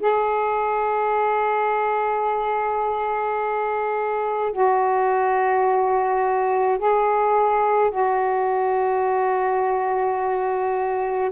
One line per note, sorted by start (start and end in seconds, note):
0.00 4.53 G#4
4.53 6.79 F#4
6.79 7.91 G#4
7.91 11.31 F#4